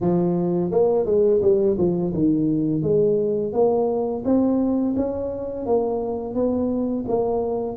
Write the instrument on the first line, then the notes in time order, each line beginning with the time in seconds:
tuba
0.00 F3
0.71 A#3
1.05 G#3
1.41 G3
1.77 F3
2.13 D#3
2.82 G#3
3.52 A#3
4.24 C4
4.96 C#4
5.66 A#3
6.34 B3
7.07 A#3